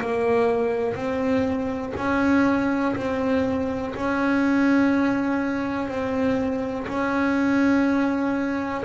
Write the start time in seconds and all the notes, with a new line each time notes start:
0.00 A#3
0.95 C4
1.97 C#4
2.95 C4
3.94 C#4
5.87 C4
6.87 C#4